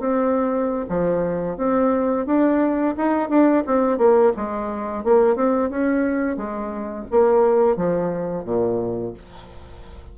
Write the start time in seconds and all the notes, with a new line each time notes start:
0.00 C4
0.89 F3
1.58 C4
2.26 D4
2.97 D#4
3.29 D4
3.67 C4
3.98 A#3
4.37 G#3
5.04 A#3
5.36 C4
5.71 C#4
6.37 G#3
7.11 A#3
7.76 F3
8.45 A#2